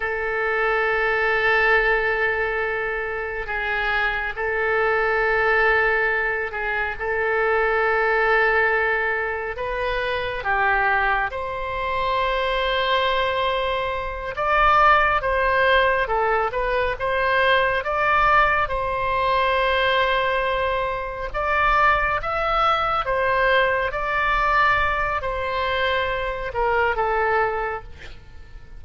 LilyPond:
\new Staff \with { instrumentName = "oboe" } { \time 4/4 \tempo 4 = 69 a'1 | gis'4 a'2~ a'8 gis'8 | a'2. b'4 | g'4 c''2.~ |
c''8 d''4 c''4 a'8 b'8 c''8~ | c''8 d''4 c''2~ c''8~ | c''8 d''4 e''4 c''4 d''8~ | d''4 c''4. ais'8 a'4 | }